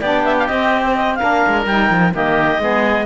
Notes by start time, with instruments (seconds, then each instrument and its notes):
0.00 cello B3, saxophone D4, oboe G4, clarinet D5
0.24 clarinet E5
0.39 clarinet F5
0.47 saxophone C4, cello C4, clarinet D#5
0.84 clarinet C5
0.95 clarinet D#5
1.15 saxophone D4, oboe A#4, clarinet F5
1.22 cello A#3
1.47 cello G#3
1.66 cello G3, saxophone D#4, clarinet G5
1.90 cello F3
2.12 cello D#3, saxophone A#3, oboe G4, clarinet D#5
2.59 cello G#3, saxophone B3, oboe G#4